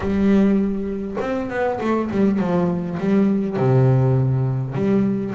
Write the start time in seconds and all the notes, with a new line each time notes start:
0.00 G3
1.20 C4
1.50 B3
1.80 A3
2.11 G3
2.39 F3
2.99 G3
3.56 C3
4.74 G3